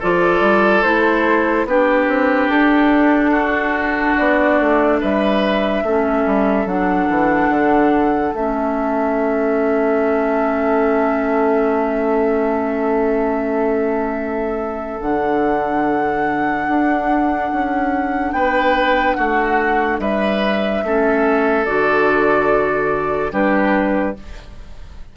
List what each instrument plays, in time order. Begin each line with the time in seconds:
0.00 bassoon F3, clarinet F4, oboe A4, flute D5
0.41 bassoon G3
0.83 bassoon A3, clarinet E4, flute C5
1.66 bassoon B3, clarinet D4, oboe G4, flute B4
2.09 bassoon C4
2.49 bassoon D4, flute A4
3.31 oboe F#4
4.17 bassoon B3, flute D5
4.61 bassoon A3
5.01 bassoon G3, oboe B4, flute E5
5.83 bassoon A3, clarinet C#4, oboe A4
6.27 bassoon G3
6.66 bassoon F#3, clarinet D4, flute F#5
7.10 bassoon E3
7.50 bassoon D3
8.34 bassoon A3, clarinet C#4, flute E5
15.01 bassoon D3, clarinet D4, flute F#5
16.68 bassoon D4
17.52 bassoon C#4
18.33 bassoon B3, oboe B4, flute G5
19.14 bassoon A3, oboe F#4, flute F#5
20.00 bassoon G3, oboe B4, flute E5
20.84 bassoon A3, clarinet C#4, oboe A4
21.66 bassoon D3, clarinet F#4, flute D5
23.31 bassoon G3, clarinet D4, oboe G4, flute B4